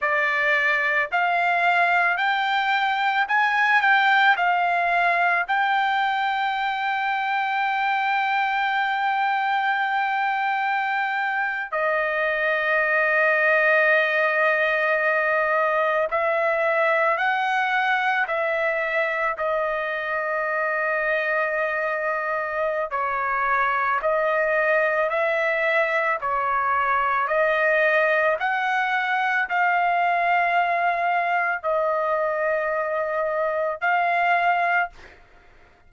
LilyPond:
\new Staff \with { instrumentName = "trumpet" } { \time 4/4 \tempo 4 = 55 d''4 f''4 g''4 gis''8 g''8 | f''4 g''2.~ | g''2~ g''8. dis''4~ dis''16~ | dis''2~ dis''8. e''4 fis''16~ |
fis''8. e''4 dis''2~ dis''16~ | dis''4 cis''4 dis''4 e''4 | cis''4 dis''4 fis''4 f''4~ | f''4 dis''2 f''4 | }